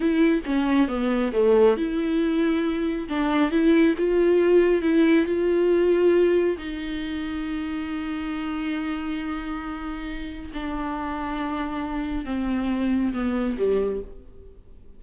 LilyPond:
\new Staff \with { instrumentName = "viola" } { \time 4/4 \tempo 4 = 137 e'4 cis'4 b4 a4 | e'2. d'4 | e'4 f'2 e'4 | f'2. dis'4~ |
dis'1~ | dis'1 | d'1 | c'2 b4 g4 | }